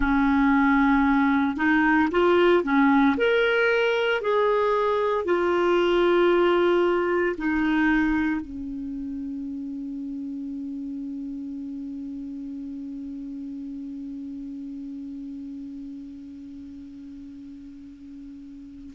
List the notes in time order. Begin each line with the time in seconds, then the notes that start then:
0.00 C#4
1.56 D#4
2.11 F4
2.63 C#4
3.17 A#4
4.21 G#4
5.24 F4
7.37 D#4
8.41 C#4